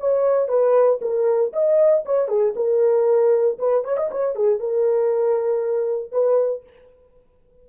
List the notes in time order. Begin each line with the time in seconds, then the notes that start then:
0.00 C#5
0.48 B4
1.01 A#4
1.53 D#5
2.05 C#5
2.28 G#4
2.56 A#4
3.59 B4
3.84 C#5
3.97 D#5
4.11 C#5
4.35 G#4
4.60 A#4
6.12 B4